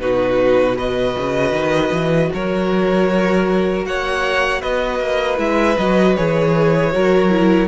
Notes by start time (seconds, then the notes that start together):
0.00 B2 D#4 F#4 B4
0.76 F#4 B4 D#5
1.18 C#3
1.51 D#3
1.92 E3
2.33 F#3 A#4 C#5
3.85 A#3 C#5 F#5
4.61 B3 B4 D#5
5.00 A#3
5.37 G#3 E4 E5
5.77 F#3 F#4 D#5
6.16 E3 G#4 C#5
6.92 F#3 F#4 A#4
7.30 E4